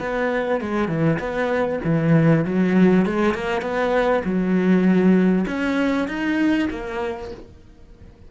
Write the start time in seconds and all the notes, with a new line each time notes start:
0.00 B3
0.61 G#3
0.88 E3
1.19 B3
1.85 E3
2.45 F#3
3.06 G#3
3.34 A#3
3.62 B3
4.25 F#3
5.47 C#4
6.08 D#4
6.71 A#3